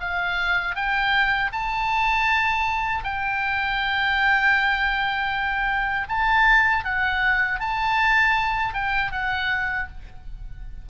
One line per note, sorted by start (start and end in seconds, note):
0.00 0.75 F5
0.75 1.51 G5
1.52 3.04 A5
3.04 6.08 G5
6.09 6.84 A5
6.84 7.60 F#5
7.60 8.74 A5
8.74 9.12 G5
9.12 9.88 F#5